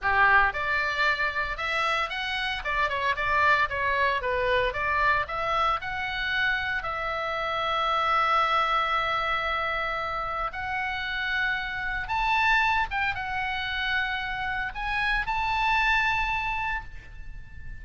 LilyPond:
\new Staff \with { instrumentName = "oboe" } { \time 4/4 \tempo 4 = 114 g'4 d''2 e''4 | fis''4 d''8 cis''8 d''4 cis''4 | b'4 d''4 e''4 fis''4~ | fis''4 e''2.~ |
e''1 | fis''2. a''4~ | a''8 g''8 fis''2. | gis''4 a''2. | }